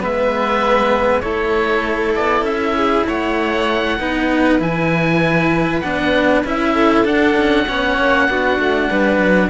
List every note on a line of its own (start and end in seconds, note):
0.00 1.25 G#3
0.00 1.23 B3
0.00 1.22 B4
0.00 1.21 E5
1.21 2.17 A3
1.21 3.99 E4
1.21 2.77 A4
1.21 2.13 C#5
2.16 2.43 B3
2.16 2.45 D5
2.43 3.04 C#4
2.43 3.06 E5
2.77 3.08 G#4
3.08 3.99 A3
3.08 3.99 C#5
3.08 4.62 F#5
3.99 4.60 B3
3.99 4.60 D#4
3.99 6.74 B4
4.60 5.83 E3
4.60 5.82 E4
4.60 5.81 G#5
5.81 6.44 B3
5.81 6.45 D4
5.81 6.42 F#5
6.44 7.05 C#4
6.44 7.05 E4
6.44 7.07 E5
6.74 7.66 A4
7.05 7.66 D4
7.05 7.36 D4
7.05 9.50 F#5
7.38 7.68 C#4
7.68 7.98 B3
7.68 8.29 C#4
7.68 8.29 C#5
7.98 8.28 A#3
8.28 8.59 B3
8.28 9.50 D4
8.28 8.90 F#4
8.59 8.90 A3
8.90 9.18 G3
8.90 9.50 B4
9.18 9.49 F#3